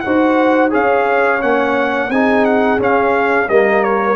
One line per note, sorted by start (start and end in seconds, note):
0.00 0.74 D#4
0.00 0.70 F#4
0.00 0.71 C5
0.00 0.69 F#5
0.70 1.43 C#4
0.70 1.39 G#4
0.70 2.09 C#5
0.70 1.42 F5
1.41 2.09 A#3
1.41 2.10 C#4
1.41 2.10 F#5
2.09 2.78 C4
2.09 2.79 D#4
2.09 3.49 G#4
2.09 2.45 G#5
2.45 2.79 F#5
2.79 3.48 C#4
2.79 3.49 F5
3.48 4.16 G3
3.48 4.16 A#3
3.48 4.16 A#4
3.48 3.83 D#5
3.83 4.16 C#5